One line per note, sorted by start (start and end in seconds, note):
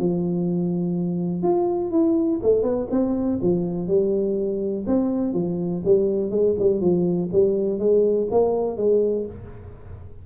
0.00 1.43 F3
1.43 1.92 F4
1.92 2.40 E4
2.43 2.63 A3
2.63 2.88 B3
2.91 3.40 C4
3.42 3.88 F3
3.88 4.85 G3
4.87 5.34 C4
5.34 5.83 F3
5.85 6.31 G3
6.31 6.55 G#3
6.59 6.81 G3
6.81 7.30 F3
7.33 7.80 G3
7.80 8.28 G#3
8.31 8.77 A#3
8.77 9.26 G#3